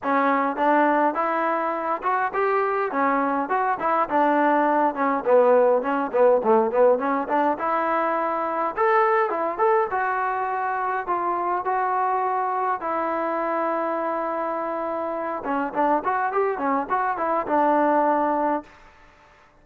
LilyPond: \new Staff \with { instrumentName = "trombone" } { \time 4/4 \tempo 4 = 103 cis'4 d'4 e'4. fis'8 | g'4 cis'4 fis'8 e'8 d'4~ | d'8 cis'8 b4 cis'8 b8 a8 b8 | cis'8 d'8 e'2 a'4 |
e'8 a'8 fis'2 f'4 | fis'2 e'2~ | e'2~ e'8 cis'8 d'8 fis'8 | g'8 cis'8 fis'8 e'8 d'2 | }